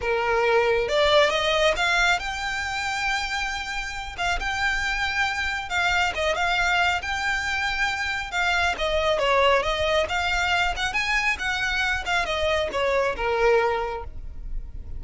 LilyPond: \new Staff \with { instrumentName = "violin" } { \time 4/4 \tempo 4 = 137 ais'2 d''4 dis''4 | f''4 g''2.~ | g''4. f''8 g''2~ | g''4 f''4 dis''8 f''4. |
g''2. f''4 | dis''4 cis''4 dis''4 f''4~ | f''8 fis''8 gis''4 fis''4. f''8 | dis''4 cis''4 ais'2 | }